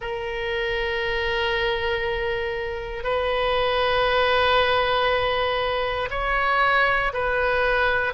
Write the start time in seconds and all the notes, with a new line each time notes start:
0.01 A#4
3.03 B4
6.10 C#5
7.13 B4